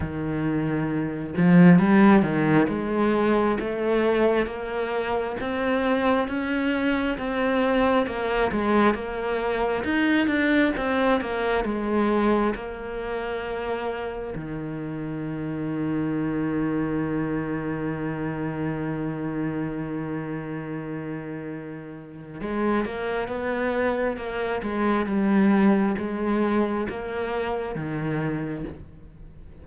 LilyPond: \new Staff \with { instrumentName = "cello" } { \time 4/4 \tempo 4 = 67 dis4. f8 g8 dis8 gis4 | a4 ais4 c'4 cis'4 | c'4 ais8 gis8 ais4 dis'8 d'8 | c'8 ais8 gis4 ais2 |
dis1~ | dis1~ | dis4 gis8 ais8 b4 ais8 gis8 | g4 gis4 ais4 dis4 | }